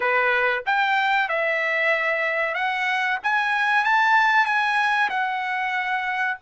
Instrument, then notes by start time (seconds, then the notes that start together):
trumpet
0.00 B4
0.66 G5
1.28 E5
2.54 F#5
3.23 G#5
3.84 A5
4.45 G#5
5.09 F#5